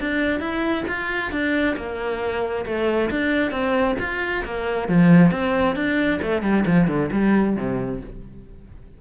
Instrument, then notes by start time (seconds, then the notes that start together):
cello
0.00 D4
0.40 E4
0.88 F4
1.31 D4
1.76 A#3
2.65 A3
3.10 D4
3.51 C4
3.99 F4
4.45 A#3
4.88 F3
5.31 C4
5.75 D4
6.22 A3
6.42 G3
6.66 F3
6.87 D3
7.12 G3
7.56 C3